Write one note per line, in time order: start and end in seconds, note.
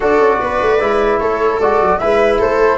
0.00 0.19 D4
0.00 0.78 F#4
0.00 0.40 A4
0.00 1.19 D5
0.19 0.39 C#4
0.40 0.60 B3
0.40 1.19 B4
0.61 0.80 A3
0.80 1.20 G#3
0.80 1.60 E4
1.19 1.60 A3
1.19 1.99 A4
1.19 1.59 C#5
1.60 1.81 G#3
1.60 2.01 F#4
1.60 1.98 D5
1.81 2.01 F#3
1.98 2.41 G#3
1.98 2.78 E4
1.98 2.38 B4
1.98 2.38 E5
2.38 2.78 A3
2.38 2.78 A4
2.38 2.78 C5